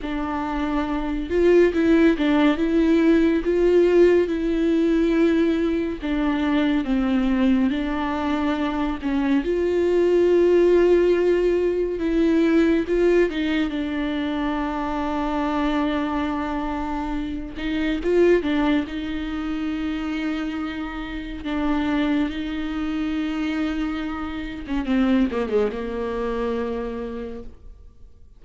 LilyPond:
\new Staff \with { instrumentName = "viola" } { \time 4/4 \tempo 4 = 70 d'4. f'8 e'8 d'8 e'4 | f'4 e'2 d'4 | c'4 d'4. cis'8 f'4~ | f'2 e'4 f'8 dis'8 |
d'1~ | d'8 dis'8 f'8 d'8 dis'2~ | dis'4 d'4 dis'2~ | dis'8. cis'16 c'8 ais16 gis16 ais2 | }